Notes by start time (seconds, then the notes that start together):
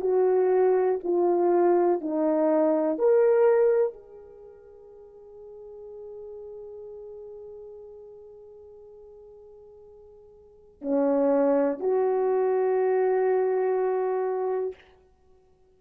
0.00 F#4
1.03 F4
2.00 D#4
2.98 A#4
3.93 G#4
10.82 C#4
11.79 F#4